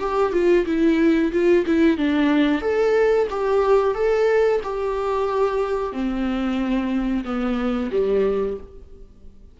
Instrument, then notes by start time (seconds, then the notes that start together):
viola
0.00 G4
0.33 F4
0.66 E4
1.32 F4
1.66 E4
1.98 D4
2.61 A4
3.31 G4
3.95 A4
4.63 G4
5.93 C4
7.25 B3
7.92 G3